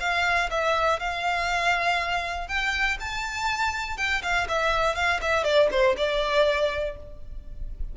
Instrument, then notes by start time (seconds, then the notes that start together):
violin
0.00 F5
0.50 E5
1.00 F5
2.48 G5
3.00 A5
3.97 G5
4.22 F5
4.49 E5
4.95 F5
5.21 E5
5.44 D5
5.71 C5
5.97 D5